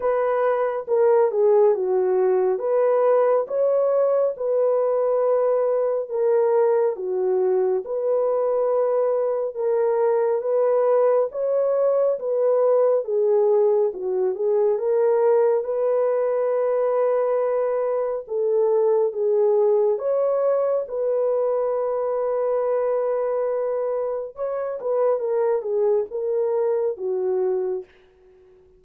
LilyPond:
\new Staff \with { instrumentName = "horn" } { \time 4/4 \tempo 4 = 69 b'4 ais'8 gis'8 fis'4 b'4 | cis''4 b'2 ais'4 | fis'4 b'2 ais'4 | b'4 cis''4 b'4 gis'4 |
fis'8 gis'8 ais'4 b'2~ | b'4 a'4 gis'4 cis''4 | b'1 | cis''8 b'8 ais'8 gis'8 ais'4 fis'4 | }